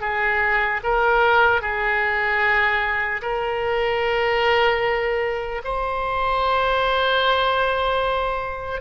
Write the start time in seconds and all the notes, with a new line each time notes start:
0.00 G#4
0.83 A#4
1.61 G#4
3.21 A#4
5.64 C5